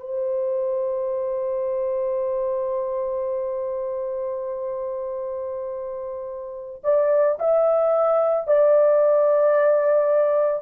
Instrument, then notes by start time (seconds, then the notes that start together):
horn
0.00 C5
6.83 D5
7.39 E5
8.47 D5